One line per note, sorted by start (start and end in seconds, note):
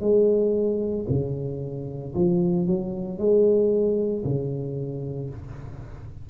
0.00 1.05 G#3
1.09 2.14 C#3
2.15 2.67 F3
2.67 3.18 F#3
3.18 4.23 G#3
4.24 5.29 C#3